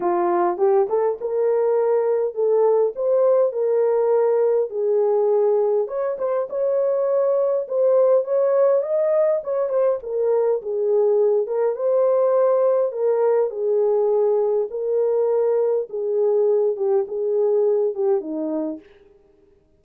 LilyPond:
\new Staff \with { instrumentName = "horn" } { \time 4/4 \tempo 4 = 102 f'4 g'8 a'8 ais'2 | a'4 c''4 ais'2 | gis'2 cis''8 c''8 cis''4~ | cis''4 c''4 cis''4 dis''4 |
cis''8 c''8 ais'4 gis'4. ais'8 | c''2 ais'4 gis'4~ | gis'4 ais'2 gis'4~ | gis'8 g'8 gis'4. g'8 dis'4 | }